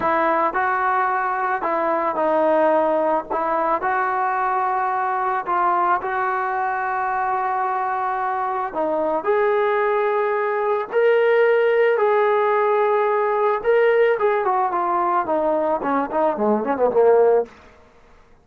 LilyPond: \new Staff \with { instrumentName = "trombone" } { \time 4/4 \tempo 4 = 110 e'4 fis'2 e'4 | dis'2 e'4 fis'4~ | fis'2 f'4 fis'4~ | fis'1 |
dis'4 gis'2. | ais'2 gis'2~ | gis'4 ais'4 gis'8 fis'8 f'4 | dis'4 cis'8 dis'8 gis8 cis'16 b16 ais4 | }